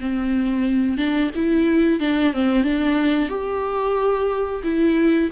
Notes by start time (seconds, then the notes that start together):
0.00 C4
0.97 D4
1.35 E4
2.00 D4
2.33 C4
2.63 D4
3.28 G4
4.63 E4